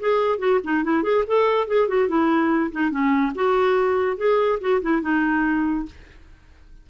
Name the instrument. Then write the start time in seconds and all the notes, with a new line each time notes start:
clarinet
0.00 G#4
0.39 F#4
0.64 D#4
0.84 E4
1.03 G#4
1.27 A4
1.68 G#4
1.88 F#4
2.08 E4
2.72 D#4
2.91 C#4
3.35 F#4
4.17 G#4
4.61 F#4
4.82 E4
5.02 D#4